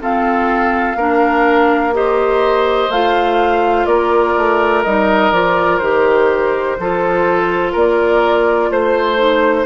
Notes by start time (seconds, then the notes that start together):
0.00 C4 F4 A4 F5
0.95 A#3 D4 A#4
1.93 G4 C5 D#5
2.89 A3 F4 F5
3.85 A#3 A#4 D5
4.36 A3
4.83 G3 D#4 D#5
5.31 F3 F4 D5
5.78 D#3 G4 C5
6.78 F3 F4 A4
7.72 A#3 A#4 D5
8.70 A3 C5
9.17 D#4